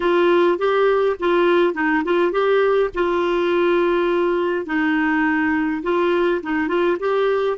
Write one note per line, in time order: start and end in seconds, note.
0.00 0.58 F4
0.58 1.16 G4
1.19 1.74 F4
1.74 2.03 D#4
2.04 2.31 F4
2.31 2.90 G4
2.94 4.65 F4
4.65 5.82 D#4
5.83 6.41 F4
6.43 6.68 D#4
6.68 6.97 F4
6.99 7.57 G4